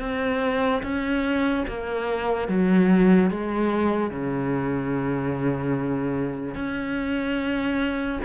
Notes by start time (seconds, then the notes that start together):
0.00 C4
0.83 C#4
1.68 A#3
2.48 F#3
3.30 G#3
4.10 C#3
6.55 C#4